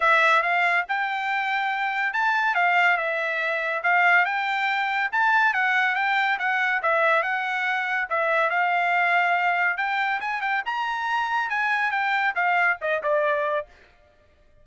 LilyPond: \new Staff \with { instrumentName = "trumpet" } { \time 4/4 \tempo 4 = 141 e''4 f''4 g''2~ | g''4 a''4 f''4 e''4~ | e''4 f''4 g''2 | a''4 fis''4 g''4 fis''4 |
e''4 fis''2 e''4 | f''2. g''4 | gis''8 g''8 ais''2 gis''4 | g''4 f''4 dis''8 d''4. | }